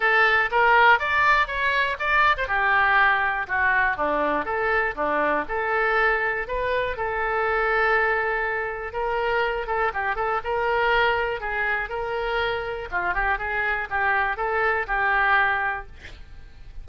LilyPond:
\new Staff \with { instrumentName = "oboe" } { \time 4/4 \tempo 4 = 121 a'4 ais'4 d''4 cis''4 | d''8. c''16 g'2 fis'4 | d'4 a'4 d'4 a'4~ | a'4 b'4 a'2~ |
a'2 ais'4. a'8 | g'8 a'8 ais'2 gis'4 | ais'2 f'8 g'8 gis'4 | g'4 a'4 g'2 | }